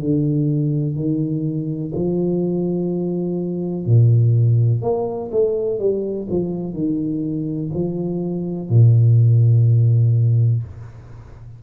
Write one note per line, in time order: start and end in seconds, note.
0.00 0.96 D3
0.96 1.93 D#3
1.95 3.86 F3
3.86 4.82 A#2
4.82 5.30 A#3
5.32 5.79 A3
5.79 6.28 G3
6.30 6.74 F3
6.74 7.71 D#3
7.75 8.70 F3
8.70 10.63 A#2